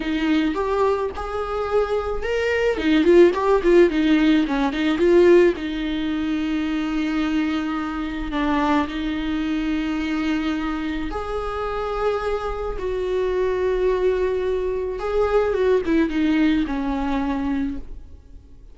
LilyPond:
\new Staff \with { instrumentName = "viola" } { \time 4/4 \tempo 4 = 108 dis'4 g'4 gis'2 | ais'4 dis'8 f'8 g'8 f'8 dis'4 | cis'8 dis'8 f'4 dis'2~ | dis'2. d'4 |
dis'1 | gis'2. fis'4~ | fis'2. gis'4 | fis'8 e'8 dis'4 cis'2 | }